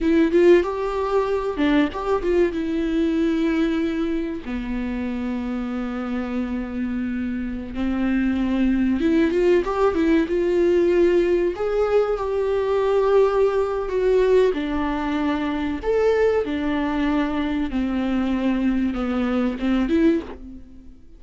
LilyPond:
\new Staff \with { instrumentName = "viola" } { \time 4/4 \tempo 4 = 95 e'8 f'8 g'4. d'8 g'8 f'8 | e'2. b4~ | b1~ | b16 c'2 e'8 f'8 g'8 e'16~ |
e'16 f'2 gis'4 g'8.~ | g'2 fis'4 d'4~ | d'4 a'4 d'2 | c'2 b4 c'8 e'8 | }